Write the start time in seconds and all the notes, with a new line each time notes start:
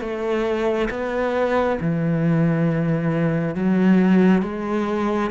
0.00 A3
0.90 B3
1.80 E3
3.55 F#3
4.42 G#3